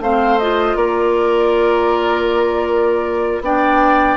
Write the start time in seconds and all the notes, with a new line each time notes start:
0.00 A3 C4 C5 F5
0.39 F4 D#5
0.75 A#3 A#4 D5
3.41 B3 D4 D5 G5